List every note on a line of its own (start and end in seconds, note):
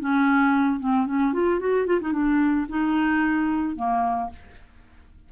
0.00 0.80 C#4
0.80 1.07 C4
1.07 1.33 C#4
1.33 1.60 F4
1.60 1.87 F#4
1.87 2.00 F4
2.01 2.13 D#4
2.13 2.67 D4
2.69 3.76 D#4
3.76 4.30 A#3